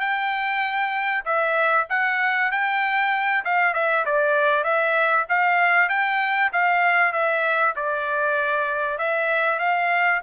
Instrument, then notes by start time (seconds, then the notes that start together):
trumpet
0.00 G5
1.25 E5
1.89 F#5
2.51 G5
3.44 F5
3.74 E5
4.05 D5
4.64 E5
5.29 F5
5.89 G5
6.52 F5
7.12 E5
7.75 D5
8.98 E5
9.59 F5